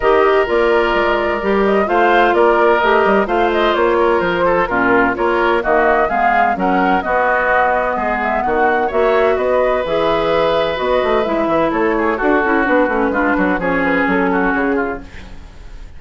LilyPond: <<
  \new Staff \with { instrumentName = "flute" } { \time 4/4 \tempo 4 = 128 dis''4 d''2~ d''8 dis''8 | f''4 d''4 dis''4 f''8 dis''8 | cis''4 c''4 ais'4 cis''4 | dis''4 f''4 fis''4 dis''4~ |
dis''4. e''8 fis''4 e''4 | dis''4 e''2 dis''4 | e''4 cis''4 a'4 b'4~ | b'4 cis''8 b'8 a'4 gis'4 | }
  \new Staff \with { instrumentName = "oboe" } { \time 4/4 ais'1 | c''4 ais'2 c''4~ | c''8 ais'4 a'8 f'4 ais'4 | fis'4 gis'4 ais'4 fis'4~ |
fis'4 gis'4 fis'4 cis''4 | b'1~ | b'4 a'8 gis'8 fis'2 | f'8 fis'8 gis'4. fis'4 f'8 | }
  \new Staff \with { instrumentName = "clarinet" } { \time 4/4 g'4 f'2 g'4 | f'2 g'4 f'4~ | f'2 cis'4 f'4 | ais4 b4 cis'4 b4~ |
b2. fis'4~ | fis'4 gis'2 fis'4 | e'2 fis'8 e'8 d'8 cis'8 | d'4 cis'2. | }
  \new Staff \with { instrumentName = "bassoon" } { \time 4/4 dis4 ais4 gis4 g4 | a4 ais4 a8 g8 a4 | ais4 f4 ais,4 ais4 | dis4 gis4 fis4 b4~ |
b4 gis4 dis4 ais4 | b4 e2 b8 a8 | gis8 e8 a4 d'8 cis'8 b8 a8 | gis8 fis8 f4 fis4 cis4 | }
>>